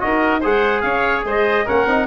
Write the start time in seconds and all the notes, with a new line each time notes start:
0.00 D#4 F#4 A#4 D#5
0.40 G#3 G#4 C5 F#5
0.81 C#4 C#5 F5
1.24 G#3 C5 D#5
1.65 A#3 C#4 A#4 F#5
1.86 C4 D#4